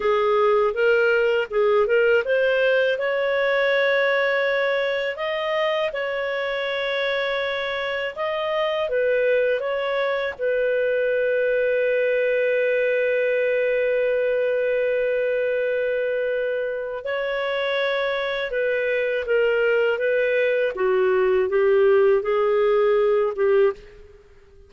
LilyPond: \new Staff \with { instrumentName = "clarinet" } { \time 4/4 \tempo 4 = 81 gis'4 ais'4 gis'8 ais'8 c''4 | cis''2. dis''4 | cis''2. dis''4 | b'4 cis''4 b'2~ |
b'1~ | b'2. cis''4~ | cis''4 b'4 ais'4 b'4 | fis'4 g'4 gis'4. g'8 | }